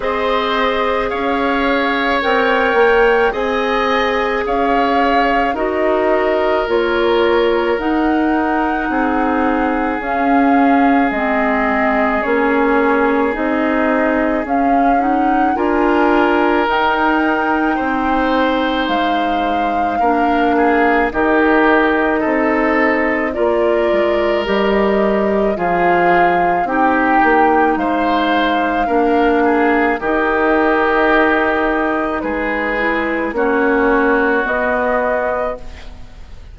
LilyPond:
<<
  \new Staff \with { instrumentName = "flute" } { \time 4/4 \tempo 4 = 54 dis''4 f''4 g''4 gis''4 | f''4 dis''4 cis''4 fis''4~ | fis''4 f''4 dis''4 cis''4 | dis''4 f''8 fis''8 gis''4 g''4~ |
g''4 f''2 dis''4~ | dis''4 d''4 dis''4 f''4 | g''4 f''2 dis''4~ | dis''4 b'4 cis''4 dis''4 | }
  \new Staff \with { instrumentName = "oboe" } { \time 4/4 c''4 cis''2 dis''4 | cis''4 ais'2. | gis'1~ | gis'2 ais'2 |
c''2 ais'8 gis'8 g'4 | a'4 ais'2 gis'4 | g'4 c''4 ais'8 gis'8 g'4~ | g'4 gis'4 fis'2 | }
  \new Staff \with { instrumentName = "clarinet" } { \time 4/4 gis'2 ais'4 gis'4~ | gis'4 fis'4 f'4 dis'4~ | dis'4 cis'4 c'4 cis'4 | dis'4 cis'8 dis'8 f'4 dis'4~ |
dis'2 d'4 dis'4~ | dis'4 f'4 g'4 f'4 | dis'2 d'4 dis'4~ | dis'4. e'8 cis'4 b4 | }
  \new Staff \with { instrumentName = "bassoon" } { \time 4/4 c'4 cis'4 c'8 ais8 c'4 | cis'4 dis'4 ais4 dis'4 | c'4 cis'4 gis4 ais4 | c'4 cis'4 d'4 dis'4 |
c'4 gis4 ais4 dis4 | c'4 ais8 gis8 g4 f4 | c'8 ais8 gis4 ais4 dis4~ | dis4 gis4 ais4 b4 | }
>>